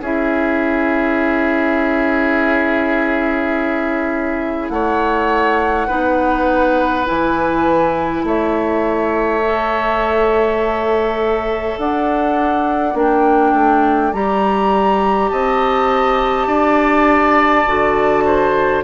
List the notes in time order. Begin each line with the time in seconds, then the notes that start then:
0.00 C#4 E4 G#4 E5
4.69 A3 C#5 F#5
5.87 B3 D#4 B4
7.05 E3 E4 G#5
8.23 A3 C#5 E5
9.45 A4
11.78 D4 D5 F#5
12.94 A#3 D4 G5
13.53 A3
14.13 G3 G4 A#5
15.29 C4 D#5 A5
16.47 D4 D5
17.67 D3 F#4
18.25 C5